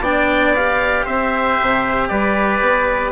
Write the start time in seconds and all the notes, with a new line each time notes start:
0.00 B3 D4 D5 G5
0.55 G4 F5
1.05 C4 C5 E5
1.61 C3
2.08 G3 B4 D5
2.60 B3